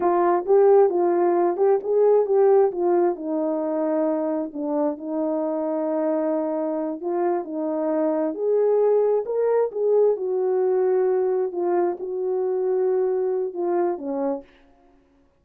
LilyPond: \new Staff \with { instrumentName = "horn" } { \time 4/4 \tempo 4 = 133 f'4 g'4 f'4. g'8 | gis'4 g'4 f'4 dis'4~ | dis'2 d'4 dis'4~ | dis'2.~ dis'8 f'8~ |
f'8 dis'2 gis'4.~ | gis'8 ais'4 gis'4 fis'4.~ | fis'4. f'4 fis'4.~ | fis'2 f'4 cis'4 | }